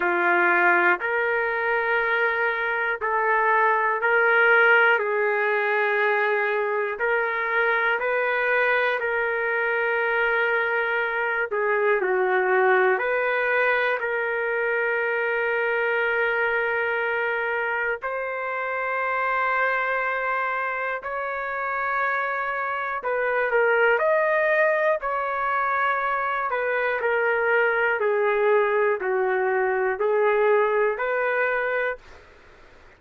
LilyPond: \new Staff \with { instrumentName = "trumpet" } { \time 4/4 \tempo 4 = 60 f'4 ais'2 a'4 | ais'4 gis'2 ais'4 | b'4 ais'2~ ais'8 gis'8 | fis'4 b'4 ais'2~ |
ais'2 c''2~ | c''4 cis''2 b'8 ais'8 | dis''4 cis''4. b'8 ais'4 | gis'4 fis'4 gis'4 b'4 | }